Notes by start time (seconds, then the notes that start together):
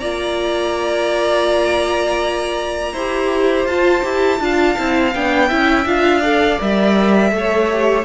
0.00 A#3 F4 D5 A#5
2.93 E4 G4 C5
3.66 F4 A5
4.03 E4 G4
4.40 D4 F4 F5
4.77 C4 E4
5.15 B3 D4 G5
5.48 C#4 E4 E5
5.86 D4 F4 F5
6.21 A4 D5
6.59 G3 A#4 E5
7.31 A3 A4
7.38 C#5
7.72 G4